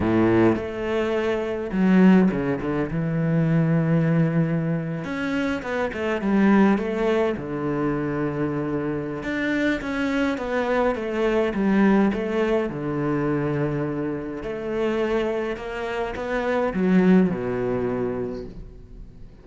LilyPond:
\new Staff \with { instrumentName = "cello" } { \time 4/4 \tempo 4 = 104 a,4 a2 fis4 | cis8 d8 e2.~ | e8. cis'4 b8 a8 g4 a16~ | a8. d2.~ d16 |
d'4 cis'4 b4 a4 | g4 a4 d2~ | d4 a2 ais4 | b4 fis4 b,2 | }